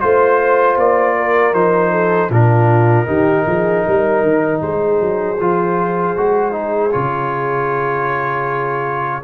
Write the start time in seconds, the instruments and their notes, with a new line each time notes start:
0.00 tuba A3, trombone F4, trumpet C5, horn C5
0.77 tuba A#3, trumpet D5
1.16 horn A#4
1.53 tuba F3, trombone D#4, trumpet C5
1.92 horn A4
2.30 tuba A#2, trombone D4, horn F4, trumpet A#4
3.06 tuba D#3, trombone D#4, horn G4
3.46 tuba F3, horn G#4
3.85 tuba G3, horn A#4
4.23 tuba D#3
4.62 tuba G#3, horn G#4, trumpet C5
5.01 tuba F#3
5.40 tuba F3, trombone F4
6.17 tuba G#3, trombone F#4
6.52 trombone D#4
6.91 tuba C#3, trombone F4, trumpet C#5